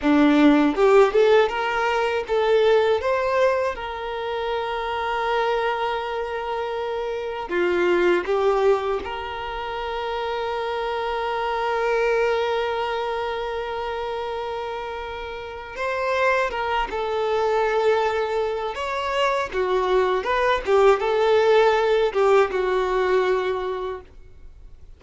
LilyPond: \new Staff \with { instrumentName = "violin" } { \time 4/4 \tempo 4 = 80 d'4 g'8 a'8 ais'4 a'4 | c''4 ais'2.~ | ais'2 f'4 g'4 | ais'1~ |
ais'1~ | ais'4 c''4 ais'8 a'4.~ | a'4 cis''4 fis'4 b'8 g'8 | a'4. g'8 fis'2 | }